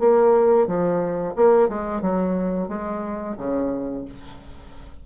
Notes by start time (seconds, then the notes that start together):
0.00 A#3
0.67 F3
1.36 A#3
1.69 G#3
2.02 F#3
2.68 G#3
3.38 C#3